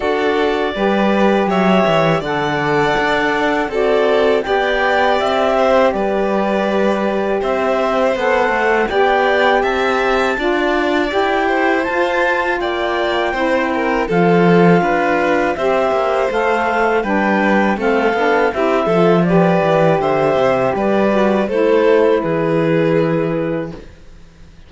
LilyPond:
<<
  \new Staff \with { instrumentName = "clarinet" } { \time 4/4 \tempo 4 = 81 d''2 e''4 fis''4~ | fis''4 d''4 g''4 e''4 | d''2 e''4 fis''4 | g''4 a''2 g''4 |
a''4 g''2 f''4~ | f''4 e''4 f''4 g''4 | f''4 e''4 d''4 e''4 | d''4 c''4 b'2 | }
  \new Staff \with { instrumentName = "violin" } { \time 4/4 a'4 b'4 cis''4 d''4~ | d''4 a'4 d''4. c''8 | b'2 c''2 | d''4 e''4 d''4. c''8~ |
c''4 d''4 c''8 ais'8 a'4 | b'4 c''2 b'4 | a'4 g'8 a'8 b'4 c''4 | b'4 a'4 gis'2 | }
  \new Staff \with { instrumentName = "saxophone" } { \time 4/4 fis'4 g'2 a'4~ | a'4 fis'4 g'2~ | g'2. a'4 | g'2 f'4 g'4 |
f'2 e'4 f'4~ | f'4 g'4 a'4 d'4 | c'8 d'8 e'8 f'8 g'2~ | g'8 fis'8 e'2. | }
  \new Staff \with { instrumentName = "cello" } { \time 4/4 d'4 g4 fis8 e8 d4 | d'4 c'4 b4 c'4 | g2 c'4 b8 a8 | b4 c'4 d'4 e'4 |
f'4 ais4 c'4 f4 | d'4 c'8 ais8 a4 g4 | a8 b8 c'8 f4 e8 d8 c8 | g4 a4 e2 | }
>>